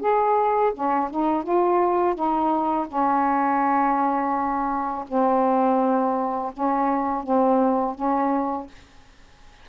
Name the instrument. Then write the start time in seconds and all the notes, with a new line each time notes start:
saxophone
0.00 G#4
0.74 C#4
1.10 D#4
1.43 F4
2.15 D#4
2.88 C#4
5.08 C4
6.53 C#4
7.23 C4
7.95 C#4